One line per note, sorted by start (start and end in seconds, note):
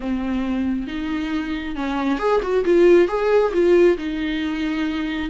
0.00 0.87 C4
0.87 1.75 D#4
1.75 2.18 C#4
2.18 2.40 G#4
2.42 2.64 F#4
2.65 3.08 F4
3.08 3.52 G#4
3.53 3.97 F4
3.97 5.29 D#4